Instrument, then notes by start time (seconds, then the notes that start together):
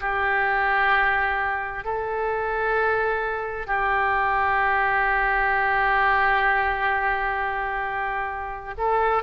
oboe
0.00 G4
1.84 A4
3.66 G4
8.77 A4